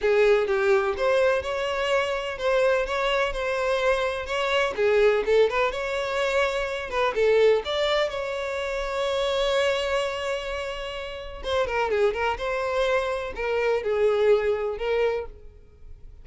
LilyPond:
\new Staff \with { instrumentName = "violin" } { \time 4/4 \tempo 4 = 126 gis'4 g'4 c''4 cis''4~ | cis''4 c''4 cis''4 c''4~ | c''4 cis''4 gis'4 a'8 b'8 | cis''2~ cis''8 b'8 a'4 |
d''4 cis''2.~ | cis''1 | c''8 ais'8 gis'8 ais'8 c''2 | ais'4 gis'2 ais'4 | }